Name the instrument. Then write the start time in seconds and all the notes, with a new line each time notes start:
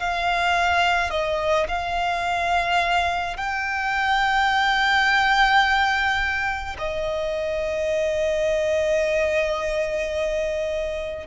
violin
0.00 F5
1.11 D#5
1.68 F5
3.37 G5
6.79 D#5